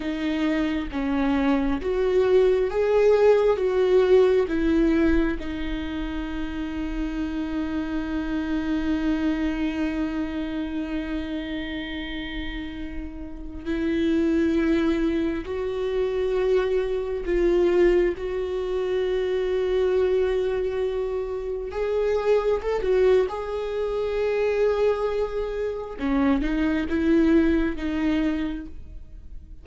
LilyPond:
\new Staff \with { instrumentName = "viola" } { \time 4/4 \tempo 4 = 67 dis'4 cis'4 fis'4 gis'4 | fis'4 e'4 dis'2~ | dis'1~ | dis'2.~ dis'16 e'8.~ |
e'4~ e'16 fis'2 f'8.~ | f'16 fis'2.~ fis'8.~ | fis'16 gis'4 a'16 fis'8 gis'2~ | gis'4 cis'8 dis'8 e'4 dis'4 | }